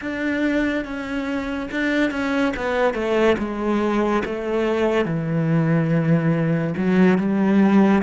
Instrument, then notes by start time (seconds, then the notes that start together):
cello
0.01 D4
0.85 C#4
1.71 D4
2.10 C#4
2.56 B3
2.93 A3
3.38 G#3
4.25 A3
5.05 E3
6.77 F#3
7.18 G3